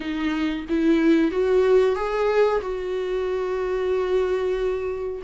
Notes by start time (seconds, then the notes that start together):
0.00 D#4
0.68 E4
1.31 F#4
1.95 G#4
2.61 F#4